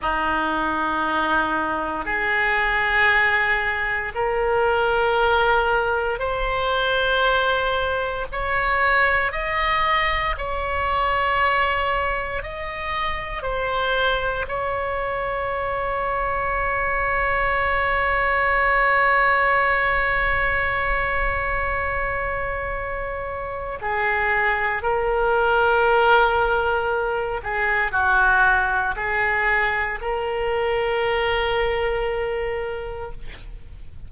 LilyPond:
\new Staff \with { instrumentName = "oboe" } { \time 4/4 \tempo 4 = 58 dis'2 gis'2 | ais'2 c''2 | cis''4 dis''4 cis''2 | dis''4 c''4 cis''2~ |
cis''1~ | cis''2. gis'4 | ais'2~ ais'8 gis'8 fis'4 | gis'4 ais'2. | }